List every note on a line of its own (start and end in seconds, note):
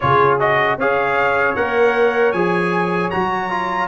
0.00 0.77 C#3
0.00 0.39 F4
0.00 0.79 G#4
0.00 0.38 C#5
0.39 0.78 F#4
0.39 0.79 D#5
0.77 1.55 C#4
0.77 1.56 G#4
0.77 3.87 C#5
0.77 1.55 F5
1.55 2.33 A#3
1.55 2.34 A#4
1.55 2.31 F#5
2.31 3.11 F3
2.31 3.11 G#4
2.31 3.09 G#5
3.10 3.87 F#3
3.10 3.50 F#4
3.10 3.87 A#5
3.50 3.87 F4